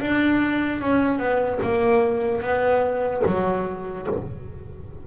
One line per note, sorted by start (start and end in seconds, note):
0.00 0.81 D4
0.81 1.18 C#4
1.18 1.59 B3
1.62 2.41 A#3
2.41 3.22 B3
3.26 4.07 F#3